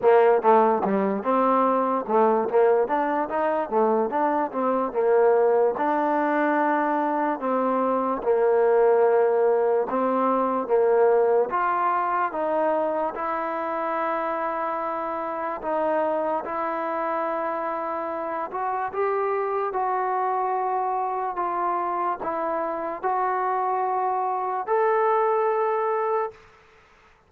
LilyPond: \new Staff \with { instrumentName = "trombone" } { \time 4/4 \tempo 4 = 73 ais8 a8 g8 c'4 a8 ais8 d'8 | dis'8 a8 d'8 c'8 ais4 d'4~ | d'4 c'4 ais2 | c'4 ais4 f'4 dis'4 |
e'2. dis'4 | e'2~ e'8 fis'8 g'4 | fis'2 f'4 e'4 | fis'2 a'2 | }